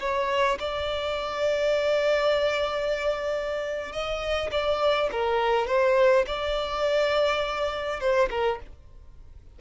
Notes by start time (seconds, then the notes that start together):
0.00 C#5
0.59 D5
3.92 D#5
4.52 D5
5.12 A#4
5.67 C5
6.26 D5
8.00 C5
8.30 A#4